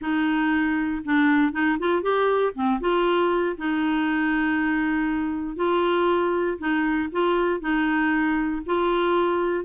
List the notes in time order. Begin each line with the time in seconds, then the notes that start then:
0.01 D#4
1.04 D4
1.52 D#4
1.79 F4
2.02 G4
2.54 C4
2.80 F4
3.57 D#4
5.56 F4
6.58 D#4
7.12 F4
7.60 D#4
8.66 F4